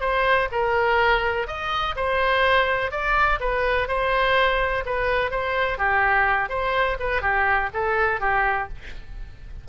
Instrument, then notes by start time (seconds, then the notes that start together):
oboe
0.00 C5
0.51 A#4
1.47 D#5
1.96 C5
2.91 D5
3.40 B4
3.88 C5
4.85 B4
5.31 C5
5.78 G4
6.49 C5
6.99 B4
7.21 G4
7.73 A4
8.20 G4